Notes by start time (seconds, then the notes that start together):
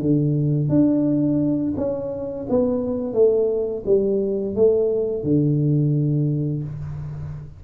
0.00 D3
0.69 D4
1.77 C#4
2.49 B3
3.13 A3
3.86 G3
4.55 A3
5.23 D3